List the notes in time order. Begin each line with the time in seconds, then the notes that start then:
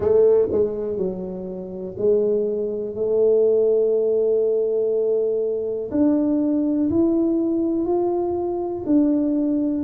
0.00 A3
0.51 G#3
0.97 F#3
1.97 G#3
2.95 A3
5.91 D4
6.90 E4
7.85 F4
8.85 D4